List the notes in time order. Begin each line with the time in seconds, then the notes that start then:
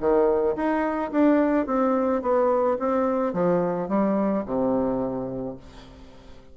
0.00 D#3
0.56 D#4
1.12 D4
1.66 C4
2.22 B3
2.79 C4
3.33 F3
3.88 G3
4.46 C3